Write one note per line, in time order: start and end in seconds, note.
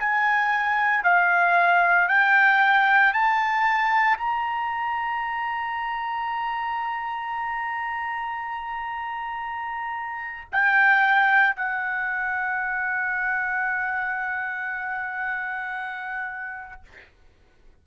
0.00 1.04 G#5
1.04 2.08 F5
2.08 3.13 G5
3.14 4.18 A5
4.18 10.49 A#5
10.52 11.56 G5
11.56 16.83 F#5